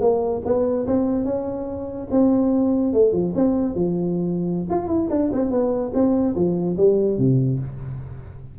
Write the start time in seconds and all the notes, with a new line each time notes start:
0.00 A#3
0.45 B3
0.87 C4
1.25 C#4
2.10 C4
2.93 A3
3.12 F3
3.35 C4
3.74 F3
4.70 F4
4.87 E4
5.10 D4
5.32 C4
5.50 B3
5.94 C4
6.35 F3
6.77 G3
7.18 C3